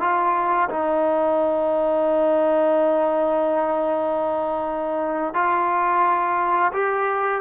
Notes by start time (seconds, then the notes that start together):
0.00 F4
0.69 D#4
5.34 F4
6.73 G4